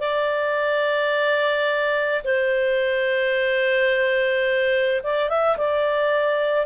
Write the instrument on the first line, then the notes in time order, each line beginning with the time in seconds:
clarinet
0.00 D5
2.24 C5
5.03 D5
5.29 E5
5.57 D5